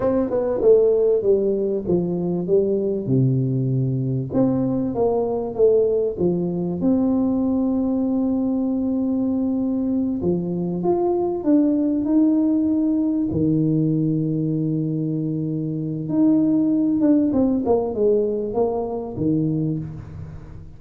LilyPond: \new Staff \with { instrumentName = "tuba" } { \time 4/4 \tempo 4 = 97 c'8 b8 a4 g4 f4 | g4 c2 c'4 | ais4 a4 f4 c'4~ | c'1~ |
c'8 f4 f'4 d'4 dis'8~ | dis'4. dis2~ dis8~ | dis2 dis'4. d'8 | c'8 ais8 gis4 ais4 dis4 | }